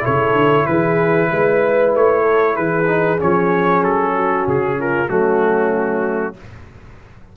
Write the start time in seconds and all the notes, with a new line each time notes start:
0.00 E4 A4 C#5
0.07 C#3
0.32 D3
0.66 E3 G#4 B4
1.29 G#3 B4
1.95 A3 C#5
2.22 A4
2.55 E3 G#4 B4
2.87 D#4
3.19 F3 C#4 C#5
3.83 F#3 A4
4.15 F#4
4.47 C#3 G#4
4.79 F4 A#4
5.08 F#3 A3 C#4 F#4